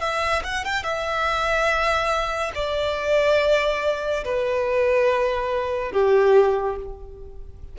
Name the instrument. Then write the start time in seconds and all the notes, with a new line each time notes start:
violin
0.00 E5
0.43 F#5
0.64 G5
0.83 E5
2.55 D5
4.24 B4
5.92 G4